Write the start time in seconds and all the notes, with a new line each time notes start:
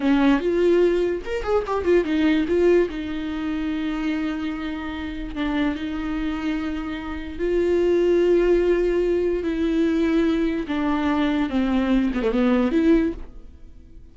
0.00 C#4
0.39 F4
1.25 A#4
1.43 G#4
1.66 G4
1.84 F4
2.04 D#4
2.48 F4
2.89 D#4
5.35 D4
5.75 D#4
7.39 F4
9.43 E4
10.67 D4
11.49 C4
12.14 B3
12.22 A3
12.31 B3
12.71 E4